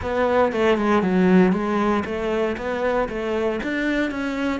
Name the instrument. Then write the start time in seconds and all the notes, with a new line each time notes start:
cello
0.01 B3
0.52 A3
0.77 G#3
1.02 F#3
1.52 G#3
2.05 A3
2.57 B3
3.08 A3
3.63 D4
4.10 C#4